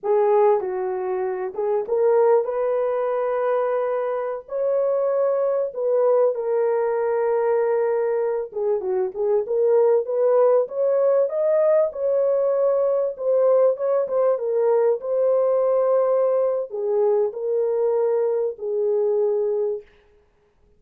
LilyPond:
\new Staff \with { instrumentName = "horn" } { \time 4/4 \tempo 4 = 97 gis'4 fis'4. gis'8 ais'4 | b'2.~ b'16 cis''8.~ | cis''4~ cis''16 b'4 ais'4.~ ais'16~ | ais'4.~ ais'16 gis'8 fis'8 gis'8 ais'8.~ |
ais'16 b'4 cis''4 dis''4 cis''8.~ | cis''4~ cis''16 c''4 cis''8 c''8 ais'8.~ | ais'16 c''2~ c''8. gis'4 | ais'2 gis'2 | }